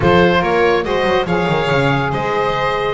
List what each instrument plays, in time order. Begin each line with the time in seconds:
0.00 double bass F3, saxophone F4, violin A4, oboe C5
0.40 double bass A#3, violin A#4, oboe C#5
0.83 double bass G#3, saxophone F#4, violin C5, oboe D#5
1.03 double bass F#3
1.25 double bass F3, saxophone G#4, violin C#5, oboe F5
1.48 double bass D#3
1.70 double bass C#3
2.11 double bass G#3, violin C5, oboe D#5